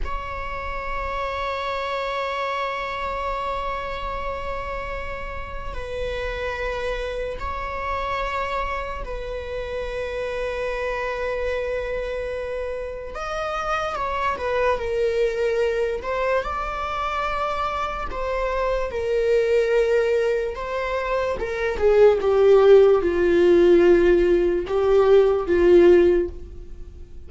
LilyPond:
\new Staff \with { instrumentName = "viola" } { \time 4/4 \tempo 4 = 73 cis''1~ | cis''2. b'4~ | b'4 cis''2 b'4~ | b'1 |
dis''4 cis''8 b'8 ais'4. c''8 | d''2 c''4 ais'4~ | ais'4 c''4 ais'8 gis'8 g'4 | f'2 g'4 f'4 | }